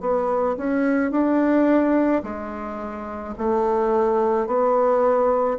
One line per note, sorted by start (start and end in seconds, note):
0.00 0.56 B3
0.57 1.11 C#4
1.11 2.22 D4
2.23 3.34 G#3
3.38 4.46 A3
4.46 5.58 B3